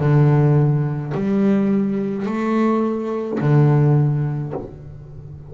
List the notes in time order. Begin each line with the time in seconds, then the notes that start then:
0.00 D3
1.15 G3
2.26 A3
3.41 D3